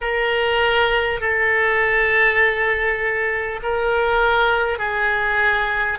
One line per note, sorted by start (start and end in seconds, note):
0.01 1.20 A#4
1.20 3.60 A4
3.62 4.78 A#4
4.78 5.98 G#4